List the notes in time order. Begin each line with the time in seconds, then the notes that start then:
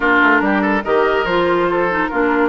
0.00 A#3 D4 F4 A#4
0.22 A3
0.40 G3 G4
0.61 A4
0.84 D#3 G4 A#4 D#5
1.24 F3 F4 C5
1.70 A4
1.89 D#4
2.07 A#3 D4 F4 A#4